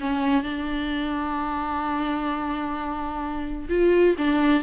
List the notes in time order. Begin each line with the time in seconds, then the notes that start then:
0.00 C#4
0.43 D4
3.69 F4
4.18 D4